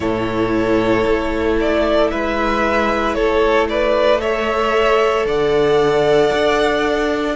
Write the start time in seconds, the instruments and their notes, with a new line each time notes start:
0.00 cello A2, viola E4, violin A4 C#5
1.06 cello A3
1.59 violin D5
2.10 cello G#3, violin B4 E5
3.14 cello A3, violin A4 C#5
3.69 violin B4 D5
4.18 viola A4, violin C#5 E5
5.25 cello D3, violin D5 F#5
6.32 cello D4